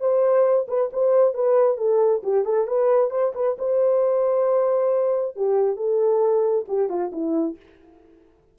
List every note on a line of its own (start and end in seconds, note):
0.00 0.67 C5
0.68 0.90 B4
0.93 1.34 C5
1.34 1.77 B4
1.77 2.22 A4
2.23 2.45 G4
2.45 2.67 A4
2.67 3.10 B4
3.10 3.33 C5
3.35 3.57 B4
3.58 5.36 C5
5.36 5.77 G4
5.77 6.65 A4
6.68 6.89 G4
6.89 7.11 F4
7.12 7.57 E4